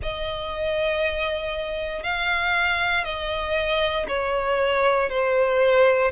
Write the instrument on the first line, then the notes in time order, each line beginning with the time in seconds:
violin
0.02 D#5
2.03 F5
3.04 D#5
4.08 C#5
5.09 C5